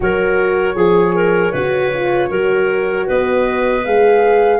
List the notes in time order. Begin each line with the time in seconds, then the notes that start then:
0.00 F#3 F#4 A#4 C#5
0.75 F3 G#4
1.15 A#4
1.52 C#3 F#4 B4
1.94 F4
2.29 F#3 F#4 A#4
3.06 B3 B4 D#5
3.85 G#3 G#4 F5